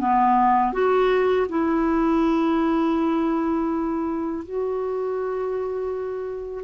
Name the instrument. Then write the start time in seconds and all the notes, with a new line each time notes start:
clarinet
0.00 B3
0.73 F#4
1.49 E4
4.45 F#4